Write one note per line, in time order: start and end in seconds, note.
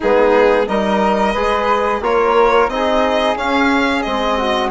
0.00 0.67 G#3
0.00 0.67 B3
0.00 0.65 D#4
0.00 0.68 G#4
0.67 1.35 G3
0.67 1.34 D#4
0.67 1.32 A#4
0.67 2.03 D#5
1.32 2.00 G#3
1.32 2.02 G#4
1.32 2.00 B4
2.00 2.68 A#3
2.00 2.70 F4
2.00 2.71 A#4
2.00 2.69 C#5
2.68 3.35 C4
2.68 3.36 D#4
2.68 3.37 D#5
2.74 4.37 G#4
3.36 4.04 C#4
3.36 4.02 F5
4.02 4.71 G#3
4.02 4.71 C4
4.02 4.69 D#5
4.37 4.71 F#4